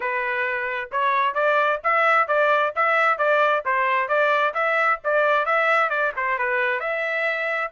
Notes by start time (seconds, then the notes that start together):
0.00 B4
0.91 C#5
1.34 D5
1.83 E5
2.27 D5
2.75 E5
3.17 D5
3.65 C5
4.08 D5
4.54 E5
5.04 D5
5.45 E5
5.89 D5
6.16 C5
6.38 B4
6.80 E5